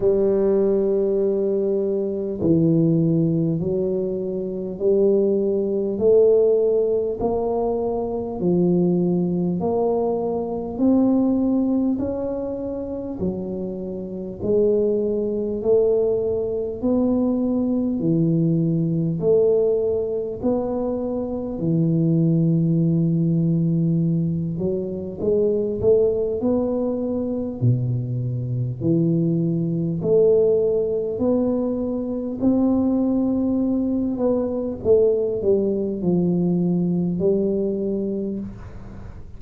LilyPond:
\new Staff \with { instrumentName = "tuba" } { \time 4/4 \tempo 4 = 50 g2 e4 fis4 | g4 a4 ais4 f4 | ais4 c'4 cis'4 fis4 | gis4 a4 b4 e4 |
a4 b4 e2~ | e8 fis8 gis8 a8 b4 b,4 | e4 a4 b4 c'4~ | c'8 b8 a8 g8 f4 g4 | }